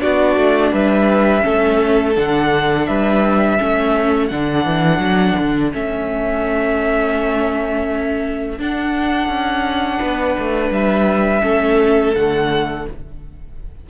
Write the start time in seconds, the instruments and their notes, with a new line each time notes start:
0.00 cello B3, viola D4, violin F#4 D5
0.37 cello A3
0.72 cello G3, violin B4 E5
1.41 cello A3, viola C#4, violin A4
2.17 cello D3, viola D4, violin F#5
2.87 cello G3, violin B4 E5
3.58 cello A3, viola C#4, violin A4
4.28 cello D3, viola D4, violin F#5
4.65 cello E3
4.99 cello F#3
5.39 cello D3
5.72 cello A3, viola C#4, violin E5
8.59 viola D4, cello D4, violin F#5
9.28 cello C#4
9.99 cello B3, violin B4
10.39 cello A3
10.71 cello G3, violin E5
11.42 cello A3, viola C#4, violin A4
12.15 cello D3, viola A3, violin F#5